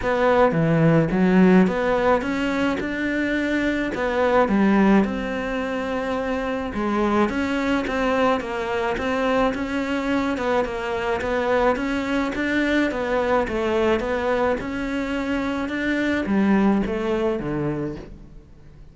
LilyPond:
\new Staff \with { instrumentName = "cello" } { \time 4/4 \tempo 4 = 107 b4 e4 fis4 b4 | cis'4 d'2 b4 | g4 c'2. | gis4 cis'4 c'4 ais4 |
c'4 cis'4. b8 ais4 | b4 cis'4 d'4 b4 | a4 b4 cis'2 | d'4 g4 a4 d4 | }